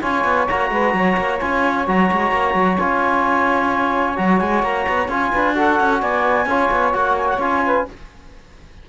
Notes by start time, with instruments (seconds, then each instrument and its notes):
0.00 cello C#4, trombone F4, saxophone C#5, clarinet G#5
0.24 cello B3
0.48 cello A#3, trombone F#4, clarinet A#5
0.70 cello G#3, saxophone B4
0.94 cello F#3, saxophone C#5
1.17 cello A#3
1.40 cello C#4, trombone F4, clarinet G#5
1.87 cello F#3, trombone F#4, clarinet A#5
2.11 cello G#3
2.31 cello A#3
2.54 cello F#3
2.78 cello C#4, trombone F4, clarinet G#5
4.16 cello F#3, trombone F#4, clarinet A#5
4.39 cello G#3, clarinet G#5
4.62 cello A#3, clarinet A#5
4.88 cello B3
5.08 cello C#4, trombone F4, clarinet G#5
5.32 cello D4, saxophone B4
5.54 trombone F#4, saxophone A4, clarinet F#5
5.80 cello C#4
6.00 cello B3, saxophone D5, clarinet G#5
6.45 cello C#4, trombone F4, saxophone C#5
6.71 cello B3
6.92 cello A#3, trombone F#4, clarinet F#5
7.16 clarinet G#5
7.27 clarinet F#5
7.38 cello C#4, trombone F4, clarinet G#5
7.65 saxophone B4